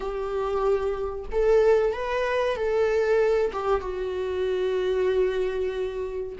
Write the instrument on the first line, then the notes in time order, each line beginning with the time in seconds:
viola
0.00 G4
1.31 A4
1.92 B4
2.56 A4
3.52 G4
3.80 F#4